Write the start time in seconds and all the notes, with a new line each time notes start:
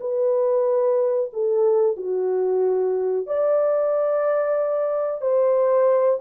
0.00 B4
1.33 A4
1.96 F#4
3.26 D5
5.21 C5